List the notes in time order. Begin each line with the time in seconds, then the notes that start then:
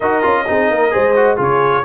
0.00 D#4 F#4 A#4 D#5
0.22 C#4 F4
0.47 C4 D#4 G#4
0.70 A#3 A#4
0.91 G#3 G#4 C5
1.15 F#4
1.36 C#3 F4 G#4 C#5